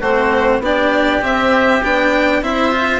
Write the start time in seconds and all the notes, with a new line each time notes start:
0.00 A3 C4 F#4 C5
0.59 B3 D4 G4 D5
1.21 C4 E5
1.83 B3 D4 G5
2.42 C4 E4 C5 E5
2.71 F4